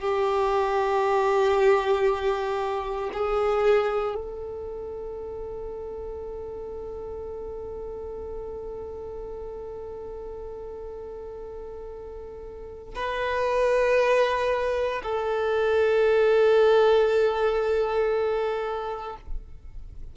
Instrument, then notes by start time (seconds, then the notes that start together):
violin
0.00 G4
3.13 G#4
4.15 A4
12.95 B4
15.03 A4